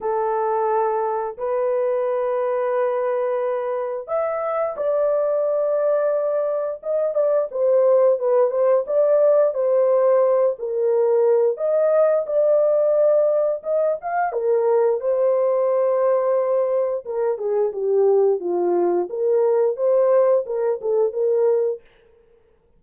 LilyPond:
\new Staff \with { instrumentName = "horn" } { \time 4/4 \tempo 4 = 88 a'2 b'2~ | b'2 e''4 d''4~ | d''2 dis''8 d''8 c''4 | b'8 c''8 d''4 c''4. ais'8~ |
ais'4 dis''4 d''2 | dis''8 f''8 ais'4 c''2~ | c''4 ais'8 gis'8 g'4 f'4 | ais'4 c''4 ais'8 a'8 ais'4 | }